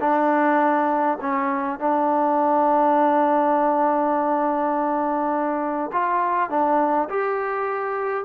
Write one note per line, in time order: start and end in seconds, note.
0.00 1.18 D4
1.21 1.79 C#4
1.79 5.91 D4
5.92 6.49 F4
6.49 7.08 D4
7.09 8.24 G4